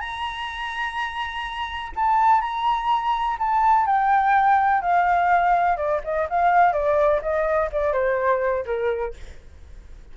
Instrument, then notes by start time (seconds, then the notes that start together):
flute
0.00 A#5
1.96 A5
2.41 A#5
3.39 A5
3.86 G5
4.81 F5
5.77 D5
6.04 D#5
6.29 F5
6.73 D5
7.22 D#5
7.72 D5
7.93 C5
8.66 A#4